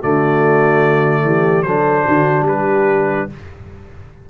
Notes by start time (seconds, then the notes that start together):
0.00 D3 A3 F#4 D5
1.22 E3 G4
1.62 F#3 D4 A4 C5
2.05 D3 F#4
2.41 G3
2.47 G4 B4